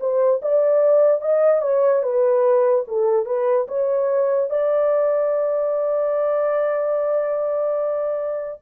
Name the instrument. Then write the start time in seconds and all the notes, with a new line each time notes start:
horn
0.00 C5
0.42 D5
1.21 D#5
1.62 C#5
2.03 B4
2.88 A4
3.25 B4
3.68 C#5
4.50 D5